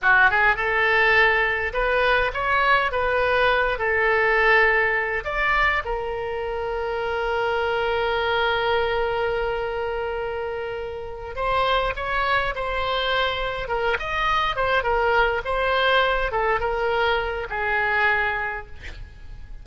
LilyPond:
\new Staff \with { instrumentName = "oboe" } { \time 4/4 \tempo 4 = 103 fis'8 gis'8 a'2 b'4 | cis''4 b'4. a'4.~ | a'4 d''4 ais'2~ | ais'1~ |
ais'2.~ ais'8 c''8~ | c''8 cis''4 c''2 ais'8 | dis''4 c''8 ais'4 c''4. | a'8 ais'4. gis'2 | }